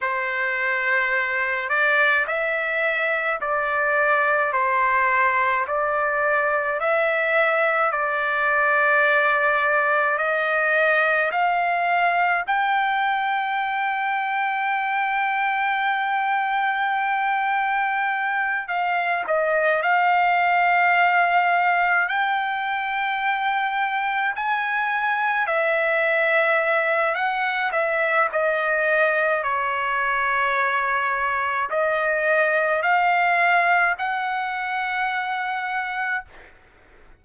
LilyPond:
\new Staff \with { instrumentName = "trumpet" } { \time 4/4 \tempo 4 = 53 c''4. d''8 e''4 d''4 | c''4 d''4 e''4 d''4~ | d''4 dis''4 f''4 g''4~ | g''1~ |
g''8 f''8 dis''8 f''2 g''8~ | g''4. gis''4 e''4. | fis''8 e''8 dis''4 cis''2 | dis''4 f''4 fis''2 | }